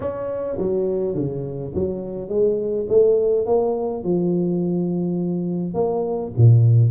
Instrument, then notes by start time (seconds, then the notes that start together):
tuba
0.00 C#4
0.58 F#3
1.15 C#3
1.74 F#3
2.28 G#3
2.88 A3
3.46 A#3
4.03 F3
5.74 A#3
6.37 A#2